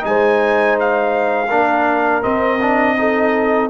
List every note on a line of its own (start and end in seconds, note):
0.00 1.50 G#3
0.00 1.46 D#4
0.00 0.78 G#5
0.08 1.48 C5
0.79 2.23 F5
1.48 2.23 A#3
1.48 2.22 D4
1.48 2.94 A#4
2.22 2.58 C4
2.22 3.70 C4
2.22 3.69 D#5
2.61 2.96 D4
2.96 3.70 D#4
2.96 3.70 A4